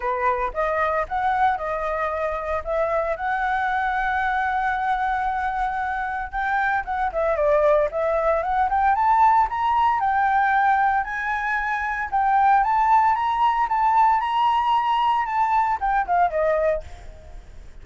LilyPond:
\new Staff \with { instrumentName = "flute" } { \time 4/4 \tempo 4 = 114 b'4 dis''4 fis''4 dis''4~ | dis''4 e''4 fis''2~ | fis''1 | g''4 fis''8 e''8 d''4 e''4 |
fis''8 g''8 a''4 ais''4 g''4~ | g''4 gis''2 g''4 | a''4 ais''4 a''4 ais''4~ | ais''4 a''4 g''8 f''8 dis''4 | }